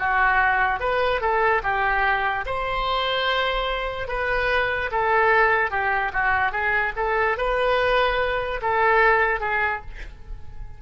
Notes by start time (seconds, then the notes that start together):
0.00 F#4
0.80 B4
1.21 A4
1.64 G4
2.46 C5
4.08 B4
4.92 A4
5.71 G4
6.13 F#4
6.52 G#4
6.97 A4
7.38 B4
8.62 A4
9.41 G#4